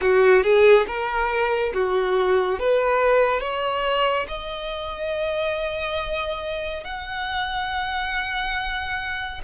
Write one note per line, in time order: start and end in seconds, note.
0.01 0.43 F#4
0.43 0.86 G#4
0.87 1.73 A#4
1.73 2.59 F#4
2.59 3.40 B4
3.40 4.26 C#5
4.28 6.84 D#5
6.84 9.41 F#5